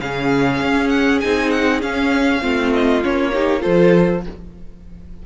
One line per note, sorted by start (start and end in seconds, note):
0.00 0.61 C#3
0.00 1.23 C#4
0.00 2.41 G#4
0.00 0.89 F5
0.61 1.22 C#4
0.89 1.19 F#5
1.20 1.82 C4
1.20 1.82 D#4
1.20 1.50 G#5
1.50 1.81 F#5
1.82 2.41 C#4
1.82 2.43 C#4
1.82 2.73 F5
2.41 3.04 A3
2.41 3.02 C4
2.41 3.32 F4
2.73 3.03 D#5
3.02 3.65 A#3
3.02 3.33 C#4
3.02 3.62 C#5
3.33 3.60 D#4
3.33 3.61 G4
3.60 4.26 F3
3.60 4.20 F4
3.60 4.22 A4
3.60 4.23 C5